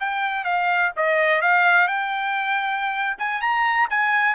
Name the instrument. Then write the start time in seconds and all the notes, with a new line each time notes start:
trumpet
0.00 G5
0.44 F5
0.96 D#5
1.41 F5
1.87 G5
3.18 G#5
3.41 A#5
3.90 G#5